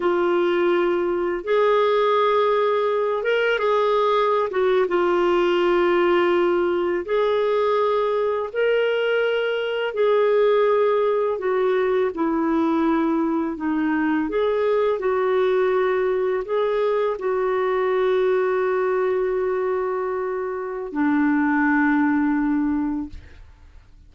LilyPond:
\new Staff \with { instrumentName = "clarinet" } { \time 4/4 \tempo 4 = 83 f'2 gis'2~ | gis'8 ais'8 gis'4~ gis'16 fis'8 f'4~ f'16~ | f'4.~ f'16 gis'2 ais'16~ | ais'4.~ ais'16 gis'2 fis'16~ |
fis'8. e'2 dis'4 gis'16~ | gis'8. fis'2 gis'4 fis'16~ | fis'1~ | fis'4 d'2. | }